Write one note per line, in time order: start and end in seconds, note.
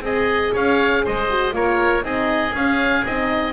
0.00 0.50 C4
0.00 1.27 G#4
0.00 0.53 G#4
0.00 0.55 D#5
0.53 1.05 C#4
0.53 1.03 C#5
0.53 1.05 F5
1.04 1.53 G#3
1.04 1.54 C5
1.04 1.55 D#5
1.29 1.52 F#4
1.52 2.03 A#3
1.52 2.02 F4
1.52 2.03 A#4
1.52 2.05 C#5
2.02 2.53 C4
2.02 2.52 D#4
2.02 3.53 G#4
2.02 2.55 D#5
2.54 3.04 C#4
2.54 3.06 F5
3.06 3.53 C4
3.06 3.53 D#4
3.06 3.53 D#5